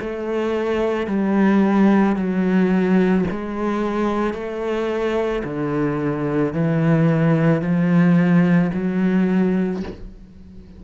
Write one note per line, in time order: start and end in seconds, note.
0.00 1.07 A3
1.07 2.16 G3
2.16 3.25 F#3
3.31 4.33 G#3
4.33 5.42 A3
5.44 6.53 D3
6.54 7.62 E3
7.62 8.71 F3
8.74 9.83 F#3